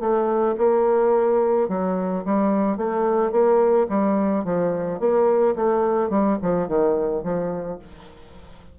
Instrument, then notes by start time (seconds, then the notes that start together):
bassoon
0.00 A3
0.58 A#3
1.69 F#3
2.25 G3
2.77 A3
3.32 A#3
3.89 G3
4.44 F3
5.00 A#3
5.56 A3
6.10 G3
6.42 F3
6.68 D#3
7.23 F3